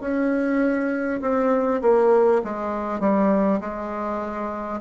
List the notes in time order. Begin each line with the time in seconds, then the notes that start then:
0.00 C#4
1.21 C4
1.81 A#3
2.43 G#3
3.00 G3
3.60 G#3